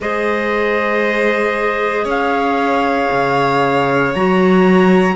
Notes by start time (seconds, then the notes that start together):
0.00 G#3 G#4 C5 D#5
2.04 C#4 C#5 F5
3.11 C#3
4.14 F#3 F#4 A#5